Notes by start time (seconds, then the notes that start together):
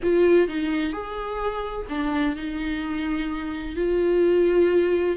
0.03 F4
0.48 D#4
0.92 G#4
1.89 D4
2.36 D#4
3.76 F4